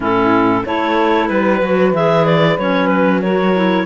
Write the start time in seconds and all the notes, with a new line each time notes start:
0.00 A2 C#4 E4 A4
0.65 A3 E4 A4 C#5
1.27 G3 B4
1.61 F#3 F#4
1.92 E3 G#4 E5
2.25 D5
2.58 F#3 C#4 C#5
2.87 B4
3.21 F#4 A#4 C#5
3.55 E4